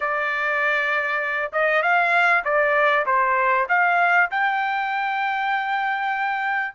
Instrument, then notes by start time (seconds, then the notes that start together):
trumpet
0.00 D5
1.52 D#5
1.82 F5
2.44 D5
3.06 C5
3.68 F5
4.30 G5